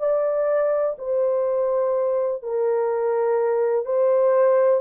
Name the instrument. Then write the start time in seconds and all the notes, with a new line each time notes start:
horn
0.00 D5
0.99 C5
2.43 A#4
3.85 C5